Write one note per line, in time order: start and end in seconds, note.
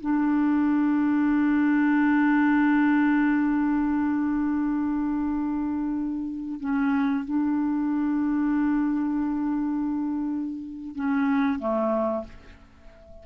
0.00 6.60 D4
6.60 7.24 C#4
7.25 10.95 D4
10.95 11.59 C#4
11.59 12.23 A3